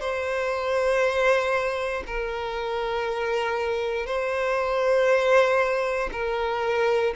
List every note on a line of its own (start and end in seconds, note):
0.00 2.03 C5
2.06 4.06 A#4
4.06 6.09 C5
6.12 7.13 A#4